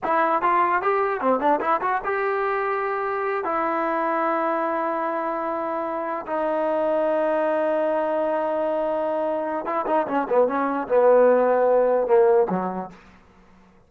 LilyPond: \new Staff \with { instrumentName = "trombone" } { \time 4/4 \tempo 4 = 149 e'4 f'4 g'4 c'8 d'8 | e'8 fis'8 g'2.~ | g'8 e'2.~ e'8~ | e'2.~ e'8 dis'8~ |
dis'1~ | dis'1 | e'8 dis'8 cis'8 b8 cis'4 b4~ | b2 ais4 fis4 | }